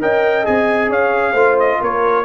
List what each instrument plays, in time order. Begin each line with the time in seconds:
0.00 tuba C#4, trombone A#4, horn D#5, trumpet G5
0.44 tuba C4, trombone G#4, trumpet G#5
0.89 tuba C#4, horn C#5, trumpet F5
1.31 tuba A3, trombone F4, horn C5
1.59 trumpet D#5
1.80 tuba A#3, horn A#4, trumpet C#5